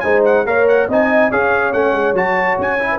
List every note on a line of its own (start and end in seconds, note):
0.00 0.45 G#3
0.00 0.46 D#4
0.00 0.47 C5
0.00 0.21 G#5
0.25 0.47 F#5
0.45 0.88 A#3
0.45 0.89 A#4
0.45 0.89 C#5
0.45 0.68 F5
0.69 0.90 F#5
0.89 1.31 C4
0.89 1.32 D#4
0.89 1.31 D#5
0.89 1.32 G#5
1.31 1.74 C#4
1.31 1.74 G#4
1.31 2.90 C#5
1.31 1.73 F5
1.73 1.93 A3
1.73 2.15 C#4
1.73 2.16 F#5
1.93 2.14 G#3
2.14 2.56 F#3
2.14 2.79 F#4
2.14 2.59 A5
2.59 2.99 C#4
2.59 2.99 G#5
2.80 2.99 E4
2.92 2.99 B4